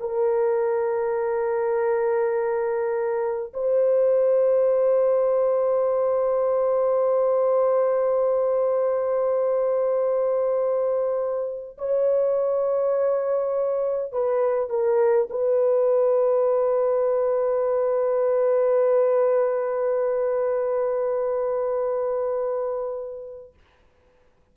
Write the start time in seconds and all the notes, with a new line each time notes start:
0.00 A#4
3.53 C5
11.78 C#5
14.12 B4
14.70 A#4
15.30 B4